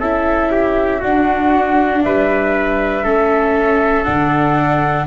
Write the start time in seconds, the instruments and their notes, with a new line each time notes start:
0.00 tuba C#4, viola E4, trumpet A4, flute E5
0.52 trumpet G4
1.00 viola D4, tuba D4, trumpet F#4, flute F#5
2.04 tuba G3, trumpet B4, flute E5
3.04 tuba A3, viola C#4, trumpet A4
4.04 tuba D3, viola D4, flute F#5